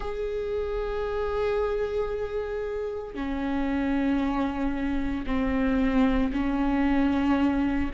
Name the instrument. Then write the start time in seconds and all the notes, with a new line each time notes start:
viola
0.00 G#4
3.14 C#4
5.26 C4
6.32 C#4